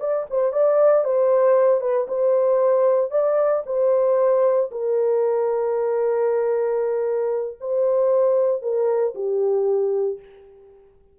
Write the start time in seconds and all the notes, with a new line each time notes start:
0.00 D5
0.30 C5
0.52 D5
1.04 C5
1.81 B4
2.08 C5
3.11 D5
3.66 C5
4.71 A#4
7.61 C5
8.62 A#4
9.15 G4